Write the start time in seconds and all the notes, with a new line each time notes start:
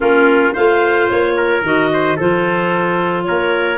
0.00 A#3 C#4 F4 A#4
0.53 A3 F4 C5 F5
1.09 A#3 C#5
1.36 A#4
1.61 D#3 F#4 D#5
1.93 C5
2.16 F3 F4 A4 C5
3.24 A#3 A#4 C#5